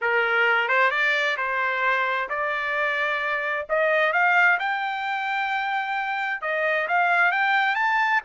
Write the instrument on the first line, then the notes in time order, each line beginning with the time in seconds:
trumpet
0.01 A#4
0.68 C5
0.90 D5
1.37 C5
2.29 D5
3.69 D#5
4.12 F5
4.59 G5
6.41 D#5
6.88 F5
7.31 G5
7.75 A5